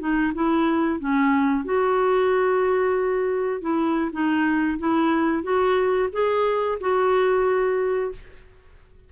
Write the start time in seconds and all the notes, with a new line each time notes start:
0.00 D#4
0.34 E4
1.00 C#4
1.65 F#4
3.61 E4
4.13 D#4
4.79 E4
5.43 F#4
6.13 G#4
6.81 F#4